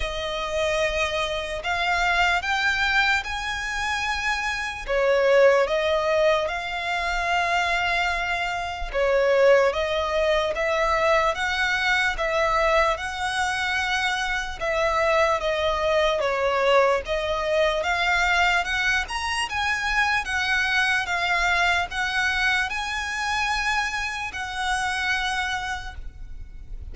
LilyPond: \new Staff \with { instrumentName = "violin" } { \time 4/4 \tempo 4 = 74 dis''2 f''4 g''4 | gis''2 cis''4 dis''4 | f''2. cis''4 | dis''4 e''4 fis''4 e''4 |
fis''2 e''4 dis''4 | cis''4 dis''4 f''4 fis''8 ais''8 | gis''4 fis''4 f''4 fis''4 | gis''2 fis''2 | }